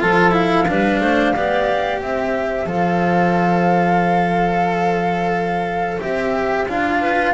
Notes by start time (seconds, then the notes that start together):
0.00 F3 F4 A4 A5
0.32 E4 F5
0.68 G3 D4 B4
1.00 A3 C5
1.34 B3 G4 D5
2.01 C4 C5 E5
2.66 F3 A4 F5
6.00 C4 G4 E5
6.68 D4 F4 F5
7.01 B4